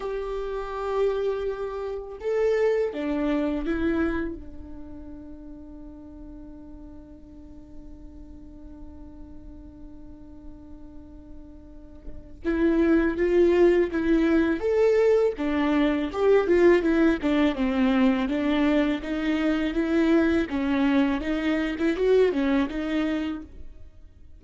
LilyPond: \new Staff \with { instrumentName = "viola" } { \time 4/4 \tempo 4 = 82 g'2. a'4 | d'4 e'4 d'2~ | d'1~ | d'1~ |
d'4 e'4 f'4 e'4 | a'4 d'4 g'8 f'8 e'8 d'8 | c'4 d'4 dis'4 e'4 | cis'4 dis'8. e'16 fis'8 cis'8 dis'4 | }